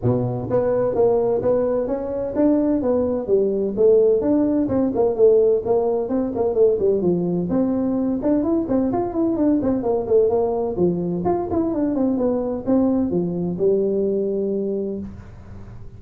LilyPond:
\new Staff \with { instrumentName = "tuba" } { \time 4/4 \tempo 4 = 128 b,4 b4 ais4 b4 | cis'4 d'4 b4 g4 | a4 d'4 c'8 ais8 a4 | ais4 c'8 ais8 a8 g8 f4 |
c'4. d'8 e'8 c'8 f'8 e'8 | d'8 c'8 ais8 a8 ais4 f4 | f'8 e'8 d'8 c'8 b4 c'4 | f4 g2. | }